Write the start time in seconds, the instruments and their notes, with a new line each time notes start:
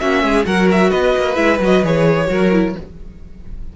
0.00 cello A#3, viola C#4, violin F#4 E5
0.23 cello G#3, violin G#4
0.45 cello F#3, viola F#4, violin A#4 F#5
0.72 violin E5
0.90 cello B3, violin B4 D#5
1.17 cello A#3
1.35 cello G#3, viola E4, violin E5
1.60 cello F#3, viola F#4, violin D#5
1.83 cello E3, viola G#4, violin C#5
2.28 cello F#3, viola F#4, violin A#4
2.52 viola E4